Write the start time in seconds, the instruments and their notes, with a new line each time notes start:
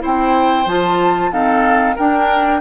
0.00 bassoon C4, clarinet E4, oboe C5, flute G5
0.66 bassoon F3, clarinet F4, flute A5
1.33 clarinet C4, bassoon D#4, oboe A4, flute F5
1.96 clarinet D4, bassoon D4, oboe A#4, flute G5